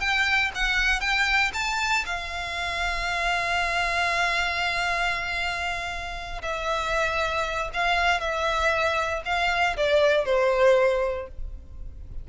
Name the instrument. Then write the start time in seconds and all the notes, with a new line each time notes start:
violin
0.00 G5
0.55 F#5
1.00 G5
1.54 A5
2.06 F5
6.42 E5
7.74 F5
8.21 E5
9.25 F5
9.77 D5
10.25 C5